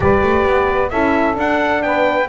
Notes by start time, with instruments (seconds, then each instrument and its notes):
0.00 double bass G3, horn G4, saxophone B4, trumpet D5
0.23 double bass A3
0.45 double bass B3
0.90 double bass C#4, horn E4, saxophone A4, trumpet E5
1.34 horn D4, double bass D4, trumpet F#5
1.82 double bass B3, saxophone B4, trumpet G5